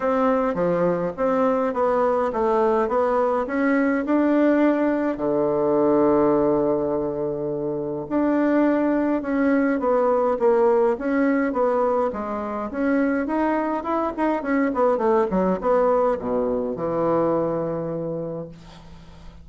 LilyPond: \new Staff \with { instrumentName = "bassoon" } { \time 4/4 \tempo 4 = 104 c'4 f4 c'4 b4 | a4 b4 cis'4 d'4~ | d'4 d2.~ | d2 d'2 |
cis'4 b4 ais4 cis'4 | b4 gis4 cis'4 dis'4 | e'8 dis'8 cis'8 b8 a8 fis8 b4 | b,4 e2. | }